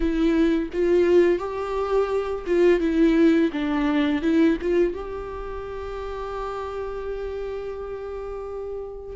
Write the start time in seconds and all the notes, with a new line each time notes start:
0.00 E4
0.73 F4
1.39 G4
2.46 F4
2.79 E4
3.52 D4
4.22 E4
4.61 F4
4.93 G4